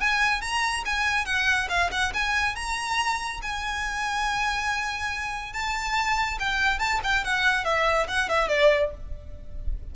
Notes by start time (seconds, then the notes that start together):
0.00 G#5
0.41 A#5
0.85 G#5
1.25 F#5
1.69 F5
1.91 F#5
2.13 G#5
2.55 A#5
3.42 G#5
5.53 A5
6.39 G5
6.79 A5
7.03 G5
7.24 F#5
7.64 E5
8.08 F#5
8.29 E5
8.48 D5